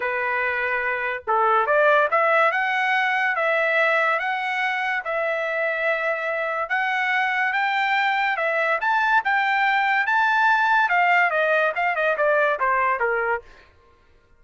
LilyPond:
\new Staff \with { instrumentName = "trumpet" } { \time 4/4 \tempo 4 = 143 b'2. a'4 | d''4 e''4 fis''2 | e''2 fis''2 | e''1 |
fis''2 g''2 | e''4 a''4 g''2 | a''2 f''4 dis''4 | f''8 dis''8 d''4 c''4 ais'4 | }